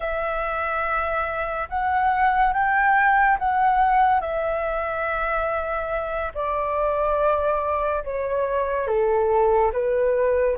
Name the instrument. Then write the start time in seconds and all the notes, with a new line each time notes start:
flute
0.00 E5
1.69 F#5
2.53 G5
3.38 F#5
4.21 E5
6.34 D5
8.04 C#5
8.87 A4
9.72 B4